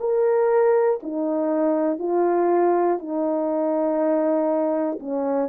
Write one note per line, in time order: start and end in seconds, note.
0.00 1.00 A#4
1.03 1.99 D#4
1.99 2.99 F4
2.99 4.99 D#4
5.00 5.49 C#4